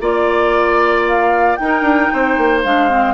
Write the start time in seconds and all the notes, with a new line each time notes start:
0.00 A#3 F4 D5
1.07 F5
1.56 D#4 A#4 G5
1.62 D#4
1.81 D4
2.12 C4 C5
2.37 A#3
2.64 G#3 D4 F5
2.89 C4